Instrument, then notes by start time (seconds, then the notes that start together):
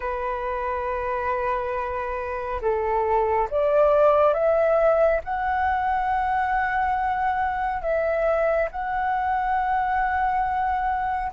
flute
0.00 B4
2.61 A4
3.50 D5
4.33 E5
5.24 F#5
7.81 E5
8.71 F#5